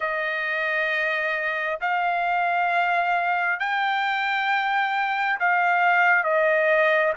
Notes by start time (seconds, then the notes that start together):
0.00 D#5
1.81 F5
3.59 G5
5.39 F5
6.23 D#5